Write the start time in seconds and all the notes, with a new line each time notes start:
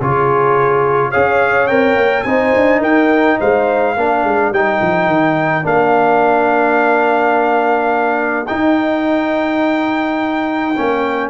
0.00 C#3 F4 G#4 C#5
1.10 C#4 G#4 C#5 F5
1.67 C4 A#4 G5
1.96 A#3
2.23 C4 D#4 C5 G#5
2.56 D4
2.80 D#4 A#4 G5
3.40 G#3 C5 F5
3.96 A#3 D4 A#4
4.24 G#3
4.51 G3 D#4 G5
4.81 F3
5.07 D#3
5.63 A#3 D4 F5
8.47 D#4 G5
10.77 A#3 C#4